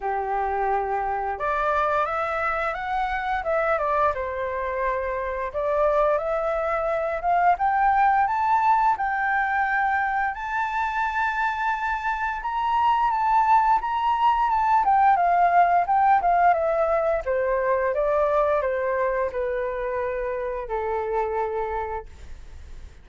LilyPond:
\new Staff \with { instrumentName = "flute" } { \time 4/4 \tempo 4 = 87 g'2 d''4 e''4 | fis''4 e''8 d''8 c''2 | d''4 e''4. f''8 g''4 | a''4 g''2 a''4~ |
a''2 ais''4 a''4 | ais''4 a''8 g''8 f''4 g''8 f''8 | e''4 c''4 d''4 c''4 | b'2 a'2 | }